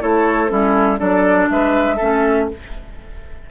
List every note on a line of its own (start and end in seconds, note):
0.00 0.51 A3
0.00 0.48 E4
0.00 0.51 A4
0.00 0.49 C#5
0.48 1.00 G3
0.48 0.98 C#4
0.48 0.99 E4
0.48 0.98 A4
0.98 1.50 F#3
0.98 1.97 D4
0.98 1.49 A4
0.98 1.49 D5
1.49 1.99 G#3
1.49 1.96 B4
1.49 2.49 E5
1.96 2.50 A3
1.96 2.50 C#4
1.96 2.45 A4